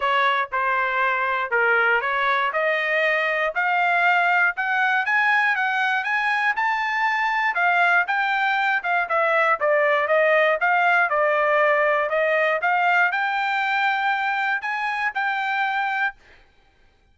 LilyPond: \new Staff \with { instrumentName = "trumpet" } { \time 4/4 \tempo 4 = 119 cis''4 c''2 ais'4 | cis''4 dis''2 f''4~ | f''4 fis''4 gis''4 fis''4 | gis''4 a''2 f''4 |
g''4. f''8 e''4 d''4 | dis''4 f''4 d''2 | dis''4 f''4 g''2~ | g''4 gis''4 g''2 | }